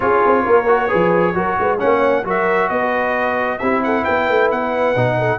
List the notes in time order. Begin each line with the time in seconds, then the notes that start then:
0.00 C#4 F4 G#4 C#5
0.26 C4
0.43 A#3 A#4
0.67 F#4
0.87 G#4 B4
0.94 F3
1.34 F#3 F#4 A#4
1.59 G#3 B4
1.78 A#3 C#4 C#5 F#5
2.24 F#3 F#4 A#4 E5
2.68 B3 B4 D#5
3.58 C4 E4 G4 E5
3.83 A4 F#5
4.03 B3 B4 G5
4.29 A3
4.51 B3 F#5
4.95 B2 D#4
5.17 A4